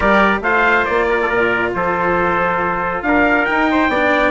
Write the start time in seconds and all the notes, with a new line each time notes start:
0.00 G3 G4 A#4 D5
0.40 A3 F4 C5 F5
0.85 A#3 D5
1.09 A#4
1.22 A4
1.29 A#2 A#4
1.74 F3 A4 C5
3.02 D4 A#4 F5
3.45 D#4 G5
3.71 C5
3.88 B3 D4 D5